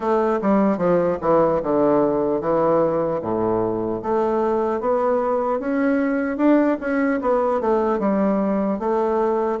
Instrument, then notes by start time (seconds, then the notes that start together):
bassoon
0.00 A3
0.41 G3
0.77 F3
1.21 E3
1.63 D3
2.40 E3
3.21 A2
4.02 A3
4.80 B3
5.59 C#4
6.37 D4
6.80 C#4
7.21 B3
7.60 A3
7.99 G3
8.79 A3